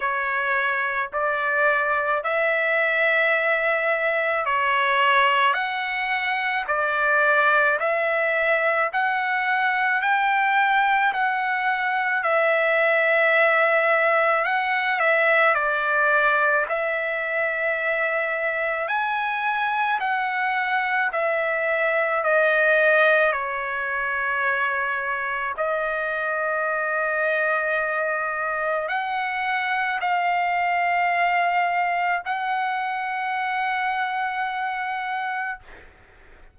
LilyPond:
\new Staff \with { instrumentName = "trumpet" } { \time 4/4 \tempo 4 = 54 cis''4 d''4 e''2 | cis''4 fis''4 d''4 e''4 | fis''4 g''4 fis''4 e''4~ | e''4 fis''8 e''8 d''4 e''4~ |
e''4 gis''4 fis''4 e''4 | dis''4 cis''2 dis''4~ | dis''2 fis''4 f''4~ | f''4 fis''2. | }